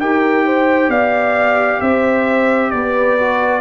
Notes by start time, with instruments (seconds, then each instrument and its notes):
0.00 tuba D#4, trombone G4, horn A#4, trumpet G5
0.46 horn C5
0.89 tuba B3, horn D5, trumpet F5
1.80 tuba C4, horn C5, trumpet E5
2.71 tuba B3, horn B4, trumpet D5
3.19 trombone F#4